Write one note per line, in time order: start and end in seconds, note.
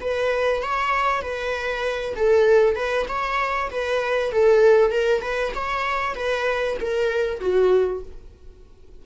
0.00 0.62 B4
0.62 1.21 C#5
1.21 2.14 B4
2.15 2.75 A4
2.75 3.06 B4
3.08 3.70 C#5
3.70 4.31 B4
4.31 4.91 A4
4.91 5.22 A#4
5.22 5.52 B4
5.54 6.15 C#5
6.15 6.77 B4
6.80 7.40 A#4
7.40 8.02 F#4